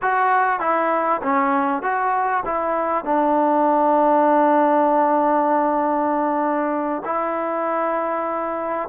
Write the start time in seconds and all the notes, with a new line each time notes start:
0.02 F#4
0.60 E4
1.22 C#4
1.82 F#4
2.45 E4
3.04 D4
7.05 E4